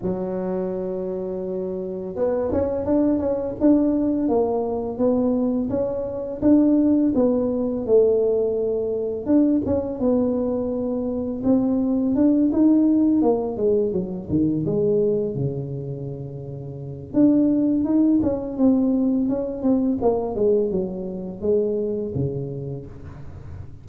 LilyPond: \new Staff \with { instrumentName = "tuba" } { \time 4/4 \tempo 4 = 84 fis2. b8 cis'8 | d'8 cis'8 d'4 ais4 b4 | cis'4 d'4 b4 a4~ | a4 d'8 cis'8 b2 |
c'4 d'8 dis'4 ais8 gis8 fis8 | dis8 gis4 cis2~ cis8 | d'4 dis'8 cis'8 c'4 cis'8 c'8 | ais8 gis8 fis4 gis4 cis4 | }